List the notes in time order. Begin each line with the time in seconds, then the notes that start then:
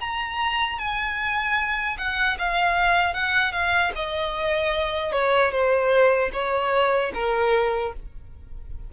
0.00 A#5
0.78 G#5
1.98 F#5
2.39 F5
3.14 F#5
3.52 F5
3.95 D#5
5.12 C#5
5.51 C5
6.33 C#5
7.14 A#4